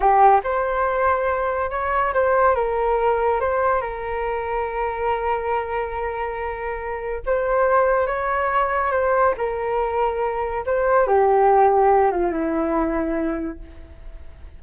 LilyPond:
\new Staff \with { instrumentName = "flute" } { \time 4/4 \tempo 4 = 141 g'4 c''2. | cis''4 c''4 ais'2 | c''4 ais'2.~ | ais'1~ |
ais'4 c''2 cis''4~ | cis''4 c''4 ais'2~ | ais'4 c''4 g'2~ | g'8 f'8 e'2. | }